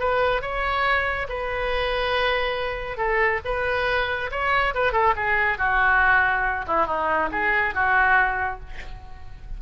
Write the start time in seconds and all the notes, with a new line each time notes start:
0.00 B4
0.42 C#5
1.29 B4
2.98 A4
3.45 B4
4.31 C#5
4.75 B4
4.93 A4
5.16 G#4
5.58 F#4
6.68 E4
6.86 D#4
7.32 G#4
7.75 F#4